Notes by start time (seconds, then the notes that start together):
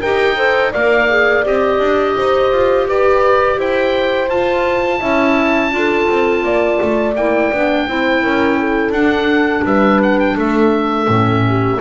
0.00 D#4 G4 A#4 G5
0.36 A4 C5
0.72 A#3 A#4 D5 F5
1.10 G#4
1.44 C4 G4 D#5
1.79 D4
2.16 D#4 C5
2.52 F4
2.88 G4 B4 D5
3.58 E4 C5 G5
4.29 F4 A5
5.00 C#4 E4 E5
5.71 D4 F4 A4
6.09 C4
6.44 A#3 D5
6.82 A3
7.16 A#3 E4 G5
7.52 B3 D4
7.88 C4 E4 C5
8.23 C#4 A#4
8.60 A4
8.90 D4 F#5
9.65 G3 B4 E5
10.02 F#5
10.19 G5
10.37 A3 A4 E5
11.08 A2 C#4
11.48 G4